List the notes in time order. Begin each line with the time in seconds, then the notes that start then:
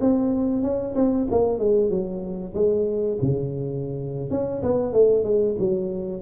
0.00 C4
0.62 C#4
0.95 C4
1.30 A#3
1.59 G#3
1.89 F#3
2.54 G#3
3.21 C#3
4.30 C#4
4.62 B3
4.93 A3
5.24 G#3
5.59 F#3